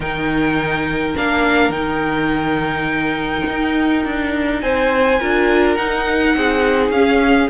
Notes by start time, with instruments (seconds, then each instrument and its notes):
0.00 cello D#3, viola D#4, violin A#4 G5
1.15 cello A#3, viola D4, violin F5
1.69 cello D#3, viola D#4, violin G5
3.49 cello D#4
4.04 cello D4
4.61 cello C4, violin C5 G#5
5.20 cello D4, viola F4, violin A#4
5.75 cello D#4, viola D#4, violin F#5
6.35 cello C4, violin G#4
6.89 cello C#4, viola C#4, violin F5